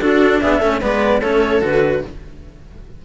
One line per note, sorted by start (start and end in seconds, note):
0.00 0.40 D4
0.00 0.63 D4
0.00 0.42 F#4
0.00 0.41 A4
0.41 0.62 B3
0.41 0.59 G#4
0.41 0.82 E5
0.59 0.82 A3
0.59 0.82 C#4
0.59 0.79 A4
0.81 1.22 G#3
0.81 1.22 B3
0.81 1.22 B4
0.81 1.22 D5
1.22 1.62 A3
1.22 1.61 C#4
1.22 2.02 A4
1.22 1.62 C#5
1.61 2.03 D3
1.61 2.02 F#4
1.61 2.05 B4